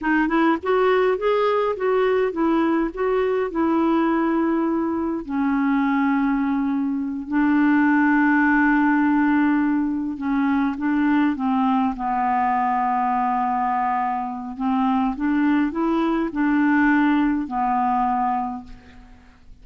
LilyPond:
\new Staff \with { instrumentName = "clarinet" } { \time 4/4 \tempo 4 = 103 dis'8 e'8 fis'4 gis'4 fis'4 | e'4 fis'4 e'2~ | e'4 cis'2.~ | cis'8 d'2.~ d'8~ |
d'4. cis'4 d'4 c'8~ | c'8 b2.~ b8~ | b4 c'4 d'4 e'4 | d'2 b2 | }